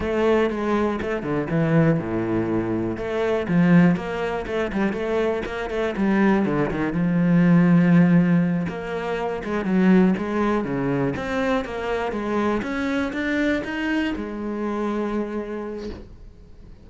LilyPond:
\new Staff \with { instrumentName = "cello" } { \time 4/4 \tempo 4 = 121 a4 gis4 a8 d8 e4 | a,2 a4 f4 | ais4 a8 g8 a4 ais8 a8 | g4 d8 dis8 f2~ |
f4. ais4. gis8 fis8~ | fis8 gis4 cis4 c'4 ais8~ | ais8 gis4 cis'4 d'4 dis'8~ | dis'8 gis2.~ gis8 | }